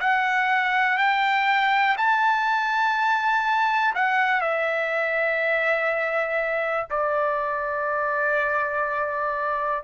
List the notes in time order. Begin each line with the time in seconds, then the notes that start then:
0.00 F#5
0.97 G5
1.97 A5
3.94 F#5
4.41 E5
6.90 D5